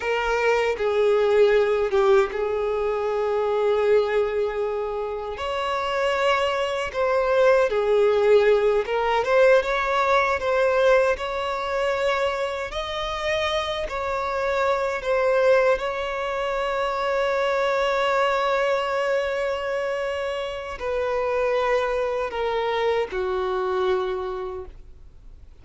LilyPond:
\new Staff \with { instrumentName = "violin" } { \time 4/4 \tempo 4 = 78 ais'4 gis'4. g'8 gis'4~ | gis'2. cis''4~ | cis''4 c''4 gis'4. ais'8 | c''8 cis''4 c''4 cis''4.~ |
cis''8 dis''4. cis''4. c''8~ | c''8 cis''2.~ cis''8~ | cis''2. b'4~ | b'4 ais'4 fis'2 | }